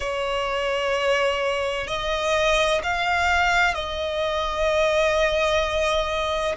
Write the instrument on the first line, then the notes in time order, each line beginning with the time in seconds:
violin
0.00 C#5
1.87 D#5
2.83 F5
3.74 D#5